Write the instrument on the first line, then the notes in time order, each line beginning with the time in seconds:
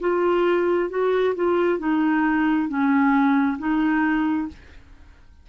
clarinet
0.00 F4
0.90 F#4
1.35 F4
1.79 D#4
2.68 C#4
3.59 D#4